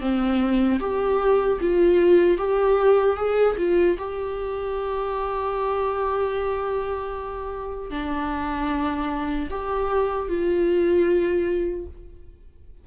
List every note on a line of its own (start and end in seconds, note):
0.00 0.79 C4
0.80 1.59 G4
1.60 2.37 F4
2.37 3.16 G4
3.16 3.56 G#4
3.57 3.97 F4
3.98 7.90 G4
7.90 9.48 D4
9.50 10.28 G4
10.28 11.86 F4